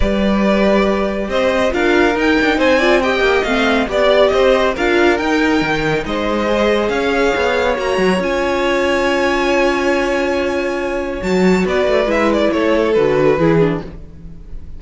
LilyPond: <<
  \new Staff \with { instrumentName = "violin" } { \time 4/4 \tempo 4 = 139 d''2. dis''4 | f''4 g''4 gis''4 g''4 | f''4 d''4 dis''4 f''4 | g''2 dis''2 |
f''2 ais''4 gis''4~ | gis''1~ | gis''2 a''4 d''4 | e''8 d''8 cis''4 b'2 | }
  \new Staff \with { instrumentName = "violin" } { \time 4/4 b'2. c''4 | ais'2 c''8 d''8 dis''4~ | dis''4 d''4 c''4 ais'4~ | ais'2 c''2 |
cis''1~ | cis''1~ | cis''2. b'4~ | b'4 a'2 gis'4 | }
  \new Staff \with { instrumentName = "viola" } { \time 4/4 g'1 | f'4 dis'4. f'8 g'4 | c'4 g'2 f'4 | dis'2. gis'4~ |
gis'2 fis'4 f'4~ | f'1~ | f'2 fis'2 | e'2 fis'4 e'8 d'8 | }
  \new Staff \with { instrumentName = "cello" } { \time 4/4 g2. c'4 | d'4 dis'8 d'8 c'4. ais8 | a4 b4 c'4 d'4 | dis'4 dis4 gis2 |
cis'4 b4 ais8 fis8 cis'4~ | cis'1~ | cis'2 fis4 b8 a8 | gis4 a4 d4 e4 | }
>>